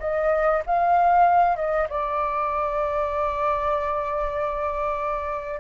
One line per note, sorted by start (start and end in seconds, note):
0.00 0.62 D#5
0.66 1.56 F5
1.56 1.87 D#5
1.89 5.60 D5